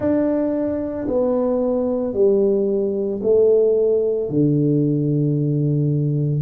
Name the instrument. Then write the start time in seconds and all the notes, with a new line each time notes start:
tuba
0.00 D4
1.07 B3
2.13 G3
3.22 A3
4.29 D3